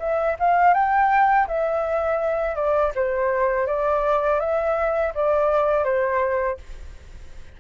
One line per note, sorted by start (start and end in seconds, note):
0.00 0.37 E5
0.40 0.74 F5
0.74 1.47 G5
1.48 2.56 E5
2.56 2.92 D5
2.95 3.67 C5
3.67 4.40 D5
4.40 5.13 E5
5.15 5.84 D5
5.84 6.58 C5